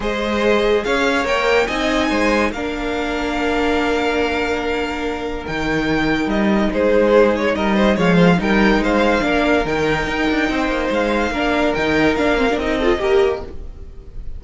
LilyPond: <<
  \new Staff \with { instrumentName = "violin" } { \time 4/4 \tempo 4 = 143 dis''2 f''4 g''4 | gis''2 f''2~ | f''1~ | f''4 g''2 dis''4 |
c''4. cis''8 dis''4 f''4 | g''4 f''2 g''4~ | g''2 f''2 | g''4 f''4 dis''2 | }
  \new Staff \with { instrumentName = "violin" } { \time 4/4 c''2 cis''2 | dis''4 c''4 ais'2~ | ais'1~ | ais'1 |
gis'2 ais'8 c''8 cis''8 c''8 | ais'4 c''4 ais'2~ | ais'4 c''2 ais'4~ | ais'2~ ais'8 a'8 ais'4 | }
  \new Staff \with { instrumentName = "viola" } { \time 4/4 gis'2. ais'4 | dis'2 d'2~ | d'1~ | d'4 dis'2.~ |
dis'2. gis4 | dis'2 d'4 dis'4~ | dis'2. d'4 | dis'4 d'8 c'16 d'16 dis'8 f'8 g'4 | }
  \new Staff \with { instrumentName = "cello" } { \time 4/4 gis2 cis'4 ais4 | c'4 gis4 ais2~ | ais1~ | ais4 dis2 g4 |
gis2 g4 f4 | g4 gis4 ais4 dis4 | dis'8 d'8 c'8 ais8 gis4 ais4 | dis4 ais4 c'4 ais4 | }
>>